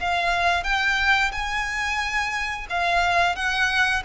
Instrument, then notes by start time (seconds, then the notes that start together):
violin
0.00 F5
0.64 G5
1.32 G#5
2.69 F5
3.36 F#5